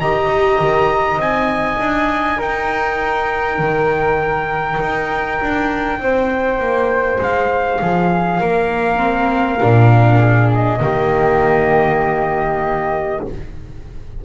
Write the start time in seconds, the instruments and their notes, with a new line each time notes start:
0.00 double bass D#3, viola G4, flute D#5, trumpet A#5
0.27 double bass D#4
0.60 double bass D#3
1.18 double bass C4, viola D#4, trumpet G#5
1.79 double bass D4
2.38 double bass D#4, flute A#4, trumpet G5
3.59 double bass D#3
4.80 double bass D#4
5.42 double bass D4
6.00 double bass C4, flute C5
6.59 double bass A#3
7.21 double bass G#3, trumpet F5
7.81 double bass F3, flute G#4
8.40 double bass A#3, flute A#4
8.97 viola C4
9.61 double bass A#2, viola D4
10.18 flute G#4
10.55 trumpet D#5
10.80 double bass D#3, viola A#3, flute G4